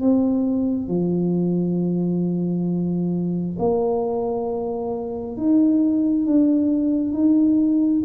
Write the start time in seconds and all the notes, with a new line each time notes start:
0.00 C4
0.88 F3
3.58 A#3
5.36 D#4
6.26 D4
7.13 D#4